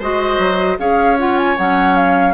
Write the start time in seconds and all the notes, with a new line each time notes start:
0.00 G#3 F#4 C5 D#5
0.39 F#3
0.78 C#4 G#4 C#5 F5
1.19 F4 F#5
1.38 G#5
1.58 F#3 C#4 F#5
1.97 F5